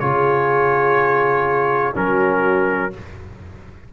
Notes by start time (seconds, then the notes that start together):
0.00 C#3 F4 G#4 C#5
1.94 F#3 C#4 F#4 A#4